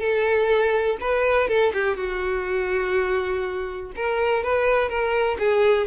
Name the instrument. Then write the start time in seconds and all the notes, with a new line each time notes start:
violin
0.00 A4
1.01 B4
1.48 A4
1.74 G4
1.97 F#4
3.96 A#4
4.43 B4
4.89 A#4
5.39 G#4